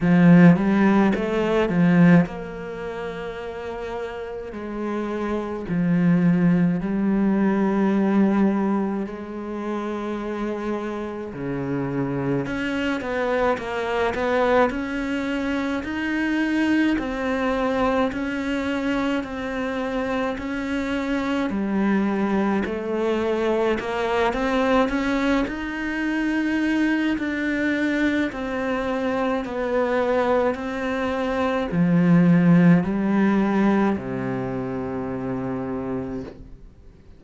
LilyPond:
\new Staff \with { instrumentName = "cello" } { \time 4/4 \tempo 4 = 53 f8 g8 a8 f8 ais2 | gis4 f4 g2 | gis2 cis4 cis'8 b8 | ais8 b8 cis'4 dis'4 c'4 |
cis'4 c'4 cis'4 g4 | a4 ais8 c'8 cis'8 dis'4. | d'4 c'4 b4 c'4 | f4 g4 c2 | }